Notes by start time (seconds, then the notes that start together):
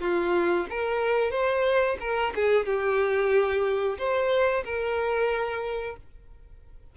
0.00 F4
0.69 A#4
1.31 C5
2.00 A#4
2.35 G#4
2.66 G4
3.98 C5
4.64 A#4